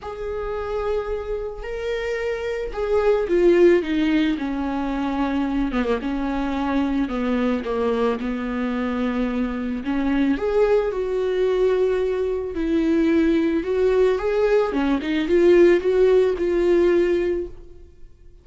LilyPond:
\new Staff \with { instrumentName = "viola" } { \time 4/4 \tempo 4 = 110 gis'2. ais'4~ | ais'4 gis'4 f'4 dis'4 | cis'2~ cis'8 b16 ais16 cis'4~ | cis'4 b4 ais4 b4~ |
b2 cis'4 gis'4 | fis'2. e'4~ | e'4 fis'4 gis'4 cis'8 dis'8 | f'4 fis'4 f'2 | }